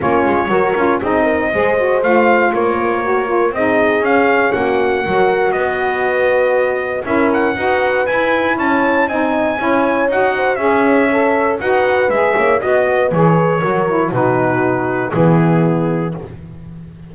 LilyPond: <<
  \new Staff \with { instrumentName = "trumpet" } { \time 4/4 \tempo 4 = 119 cis''2 dis''2 | f''4 cis''2 dis''4 | f''4 fis''2 dis''4~ | dis''2 e''8 fis''4. |
gis''4 a''4 gis''2 | fis''4 e''2 fis''4 | e''4 dis''4 cis''2 | b'2 gis'2 | }
  \new Staff \with { instrumentName = "horn" } { \time 4/4 f'4 ais'4 gis'8 ais'8 c''4~ | c''4 ais'2 gis'4~ | gis'4 fis'4 ais'4 b'4~ | b'2 ais'4 b'4~ |
b'4 cis''4 dis''4 cis''4~ | cis''8 c''8 cis''2 b'4~ | b'8 cis''8 dis''8 b'4. ais'4 | fis'2 e'2 | }
  \new Staff \with { instrumentName = "saxophone" } { \time 4/4 cis'4 fis'8 f'8 dis'4 gis'8 fis'8 | f'2 fis'8 f'8 dis'4 | cis'2 fis'2~ | fis'2 e'4 fis'4 |
e'2 dis'4 e'4 | fis'4 gis'4 a'4 fis'4 | gis'4 fis'4 gis'4 fis'8 e'8 | dis'2 b2 | }
  \new Staff \with { instrumentName = "double bass" } { \time 4/4 ais8 gis8 fis8 cis'8 c'4 gis4 | a4 ais2 c'4 | cis'4 ais4 fis4 b4~ | b2 cis'4 dis'4 |
e'4 cis'4 c'4 cis'4 | dis'4 cis'2 dis'4 | gis8 ais8 b4 e4 fis4 | b,2 e2 | }
>>